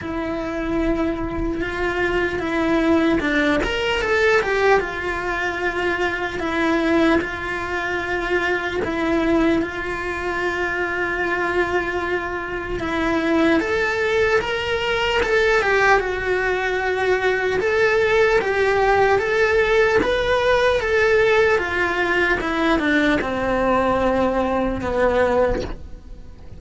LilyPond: \new Staff \with { instrumentName = "cello" } { \time 4/4 \tempo 4 = 75 e'2 f'4 e'4 | d'8 ais'8 a'8 g'8 f'2 | e'4 f'2 e'4 | f'1 |
e'4 a'4 ais'4 a'8 g'8 | fis'2 a'4 g'4 | a'4 b'4 a'4 f'4 | e'8 d'8 c'2 b4 | }